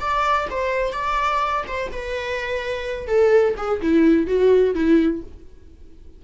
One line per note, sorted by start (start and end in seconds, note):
0.00 0.48 D5
0.50 0.92 C5
0.92 1.64 D5
1.67 1.91 C5
1.92 3.07 B4
3.07 3.55 A4
3.56 3.80 G#4
3.81 4.27 E4
4.27 4.74 F#4
4.74 5.22 E4